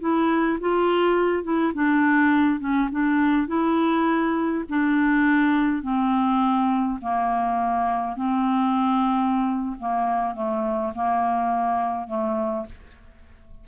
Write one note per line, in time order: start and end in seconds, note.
0.00 0.58 E4
0.60 1.43 F4
1.43 1.72 E4
1.74 2.59 D4
2.59 2.89 C#4
2.91 3.47 D4
3.47 4.64 E4
4.69 5.83 D4
5.83 6.99 C4
7.01 8.16 A#3
8.16 9.76 C4
9.79 10.35 A#3
10.35 10.93 A3
10.94 12.07 A#3
12.07 12.66 A3